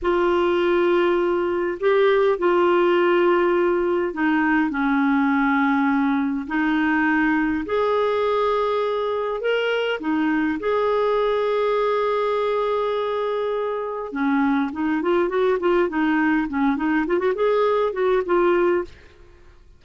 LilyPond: \new Staff \with { instrumentName = "clarinet" } { \time 4/4 \tempo 4 = 102 f'2. g'4 | f'2. dis'4 | cis'2. dis'4~ | dis'4 gis'2. |
ais'4 dis'4 gis'2~ | gis'1 | cis'4 dis'8 f'8 fis'8 f'8 dis'4 | cis'8 dis'8 f'16 fis'16 gis'4 fis'8 f'4 | }